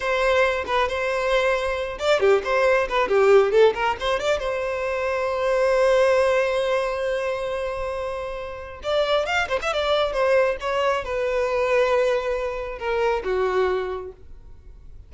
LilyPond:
\new Staff \with { instrumentName = "violin" } { \time 4/4 \tempo 4 = 136 c''4. b'8 c''2~ | c''8 d''8 g'8 c''4 b'8 g'4 | a'8 ais'8 c''8 d''8 c''2~ | c''1~ |
c''1 | d''4 f''8 c''16 e''16 d''4 c''4 | cis''4 b'2.~ | b'4 ais'4 fis'2 | }